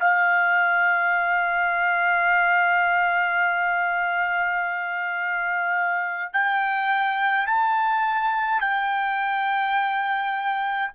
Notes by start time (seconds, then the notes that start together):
0.00 F5
6.33 G5
7.47 A5
8.60 G5